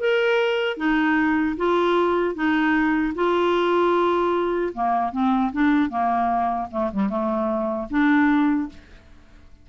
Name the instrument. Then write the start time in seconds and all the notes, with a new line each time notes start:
clarinet
0.00 A#4
0.78 D#4
1.58 F4
2.35 D#4
3.15 F4
4.74 A#3
5.13 C4
5.53 D4
5.90 A#3
6.71 A3
6.93 G3
7.10 A3
7.91 D4